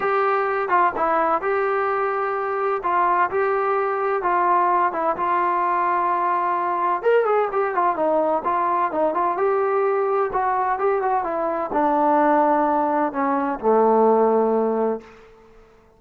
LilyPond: \new Staff \with { instrumentName = "trombone" } { \time 4/4 \tempo 4 = 128 g'4. f'8 e'4 g'4~ | g'2 f'4 g'4~ | g'4 f'4. e'8 f'4~ | f'2. ais'8 gis'8 |
g'8 f'8 dis'4 f'4 dis'8 f'8 | g'2 fis'4 g'8 fis'8 | e'4 d'2. | cis'4 a2. | }